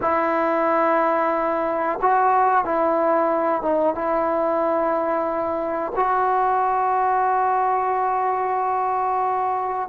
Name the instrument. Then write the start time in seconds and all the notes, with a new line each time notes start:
trombone
0.01 E4
2.01 F#4
2.64 E4
3.61 D#4
3.94 E4
5.95 F#4